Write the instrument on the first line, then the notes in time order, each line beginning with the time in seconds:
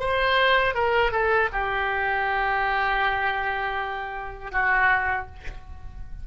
oboe
0.00 C5
0.75 A#4
1.12 A4
1.53 G4
4.52 F#4